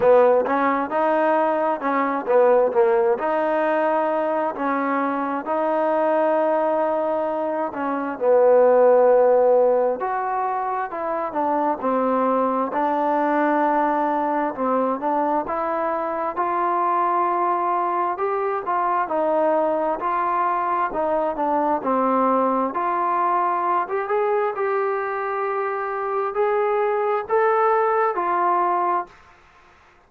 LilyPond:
\new Staff \with { instrumentName = "trombone" } { \time 4/4 \tempo 4 = 66 b8 cis'8 dis'4 cis'8 b8 ais8 dis'8~ | dis'4 cis'4 dis'2~ | dis'8 cis'8 b2 fis'4 | e'8 d'8 c'4 d'2 |
c'8 d'8 e'4 f'2 | g'8 f'8 dis'4 f'4 dis'8 d'8 | c'4 f'4~ f'16 g'16 gis'8 g'4~ | g'4 gis'4 a'4 f'4 | }